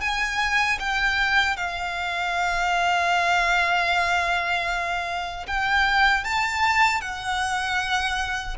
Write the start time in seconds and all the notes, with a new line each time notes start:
0.00 G#5
0.79 G5
1.56 F5
5.47 G5
6.24 A5
7.01 F#5